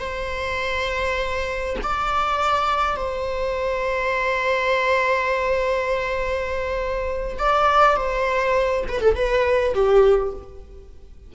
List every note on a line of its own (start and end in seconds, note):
0.00 1.76 C5
1.83 2.97 D5
2.97 7.38 C5
7.39 7.97 D5
7.97 8.85 C5
8.88 9.01 B4
9.01 9.16 A4
9.16 9.74 B4
9.75 10.33 G4